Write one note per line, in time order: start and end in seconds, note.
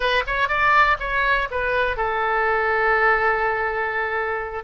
0.00 0.22 B4
0.26 0.48 C#5
0.48 0.97 D5
0.99 1.48 C#5
1.50 1.96 B4
1.96 4.64 A4